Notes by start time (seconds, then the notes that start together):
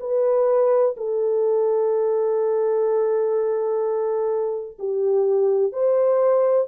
0.00 B4
0.97 A4
4.79 G4
5.72 C5